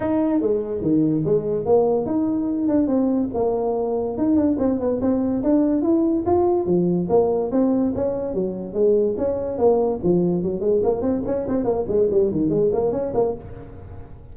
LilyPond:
\new Staff \with { instrumentName = "tuba" } { \time 4/4 \tempo 4 = 144 dis'4 gis4 dis4 gis4 | ais4 dis'4. d'8 c'4 | ais2 dis'8 d'8 c'8 b8 | c'4 d'4 e'4 f'4 |
f4 ais4 c'4 cis'4 | fis4 gis4 cis'4 ais4 | f4 fis8 gis8 ais8 c'8 cis'8 c'8 | ais8 gis8 g8 dis8 gis8 ais8 cis'8 ais8 | }